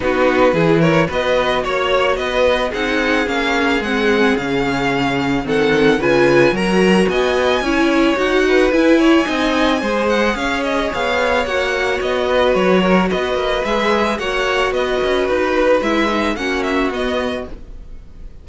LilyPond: <<
  \new Staff \with { instrumentName = "violin" } { \time 4/4 \tempo 4 = 110 b'4. cis''8 dis''4 cis''4 | dis''4 fis''4 f''4 fis''4 | f''2 fis''4 gis''4 | ais''4 gis''2 fis''4 |
gis''2~ gis''8 fis''8 f''8 dis''8 | f''4 fis''4 dis''4 cis''4 | dis''4 e''4 fis''4 dis''4 | b'4 e''4 fis''8 e''8 dis''4 | }
  \new Staff \with { instrumentName = "violin" } { \time 4/4 fis'4 gis'8 ais'8 b'4 cis''4 | b'4 gis'2.~ | gis'2 a'4 b'4 | ais'4 dis''4 cis''4. b'8~ |
b'8 cis''8 dis''4 c''4 cis''4~ | cis''2~ cis''8 b'4 ais'8 | b'2 cis''4 b'4~ | b'2 fis'2 | }
  \new Staff \with { instrumentName = "viola" } { \time 4/4 dis'4 e'4 fis'2~ | fis'4 dis'4 cis'4 c'4 | cis'2 c'4 f'4 | fis'2 e'4 fis'4 |
e'4 dis'4 gis'2~ | gis'4 fis'2.~ | fis'4 gis'4 fis'2~ | fis'4 e'8 dis'8 cis'4 b4 | }
  \new Staff \with { instrumentName = "cello" } { \time 4/4 b4 e4 b4 ais4 | b4 c'4 ais4 gis4 | cis2 dis4 cis4 | fis4 b4 cis'4 dis'4 |
e'4 c'4 gis4 cis'4 | b4 ais4 b4 fis4 | b8 ais8 gis4 ais4 b8 cis'8 | dis'4 gis4 ais4 b4 | }
>>